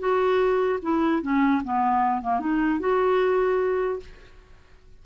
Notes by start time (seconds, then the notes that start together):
0.00 F#4
0.83 E4
1.23 C#4
1.64 B3
2.22 A#3
2.40 D#4
2.80 F#4